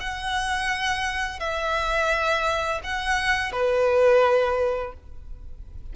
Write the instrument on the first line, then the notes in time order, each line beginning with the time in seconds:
violin
0.00 F#5
1.40 E5
2.84 F#5
3.52 B4